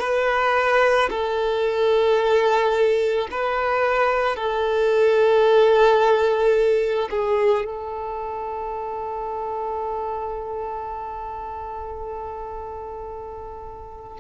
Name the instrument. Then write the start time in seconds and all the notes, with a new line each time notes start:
violin
0.00 B4
1.10 A4
3.32 B4
4.36 A4
7.11 G#4
7.65 A4